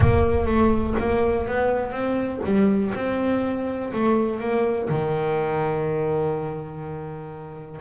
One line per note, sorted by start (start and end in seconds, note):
0.00 0.46 A#3
0.46 0.94 A3
0.99 1.47 A#3
1.47 1.91 B3
1.91 2.40 C4
2.44 2.93 G3
2.94 3.92 C4
3.92 4.39 A3
4.39 4.88 A#3
4.89 7.80 D#3